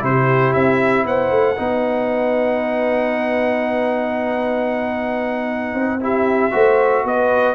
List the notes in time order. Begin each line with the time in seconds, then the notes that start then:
0.00 C3 E4 G4 C5
0.54 C4 E5
1.05 B3 C5 F#5
1.31 A3
1.57 B3 D#4 B4
5.74 C4
6.01 E4 G4 E5
6.51 A3 F#4 C5
7.04 B3 B4 D#5